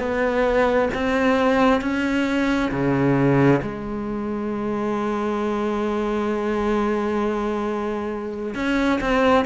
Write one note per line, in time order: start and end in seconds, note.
0.00 0.90 B3
0.94 1.82 C4
1.82 2.71 C#4
2.72 3.61 C#3
3.63 8.55 G#3
8.55 9.00 C#4
9.01 9.46 C4